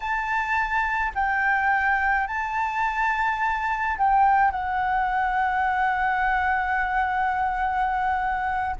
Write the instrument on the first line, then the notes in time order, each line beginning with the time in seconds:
flute
0.00 A5
1.14 G5
2.27 A5
3.97 G5
4.51 F#5